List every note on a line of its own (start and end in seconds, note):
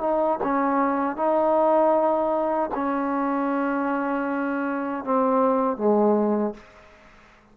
0.00 0.39 D#4
0.43 1.16 C#4
1.16 2.70 D#4
2.74 5.04 C#4
5.04 5.77 C4
5.77 6.54 G#3